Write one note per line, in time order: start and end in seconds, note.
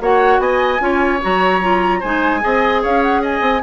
0.00 0.38 A#3
0.00 0.79 F#4
0.00 0.40 C#5
0.00 0.40 F#5
0.38 0.79 B3
0.38 0.81 D#5
0.38 1.20 G#5
0.79 1.20 C#4
0.79 1.19 F4
0.79 1.99 C#5
1.21 2.03 F#3
1.21 1.61 F#4
1.21 2.01 A#5
1.61 2.02 F4
1.99 2.43 G#3
1.99 2.40 D#4
1.99 2.40 C5
1.99 2.82 G#5
2.40 2.84 C4
2.40 3.61 G#4
2.40 2.82 D#5
2.82 3.40 C#4
2.82 3.21 C#5
2.82 3.02 F5
3.02 3.22 F#5
3.21 3.62 D#5
3.21 3.62 G#5
3.40 3.60 C4